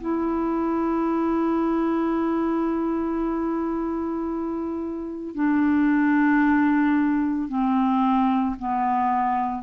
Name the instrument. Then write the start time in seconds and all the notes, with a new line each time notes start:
clarinet
0.00 E4
5.34 D4
7.48 C4
8.59 B3